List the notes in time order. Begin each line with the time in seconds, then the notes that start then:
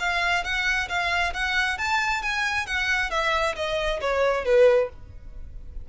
0.00 F5
0.44 F#5
0.89 F5
1.34 F#5
1.78 A5
2.22 G#5
2.67 F#5
3.11 E5
3.56 D#5
4.01 C#5
4.45 B4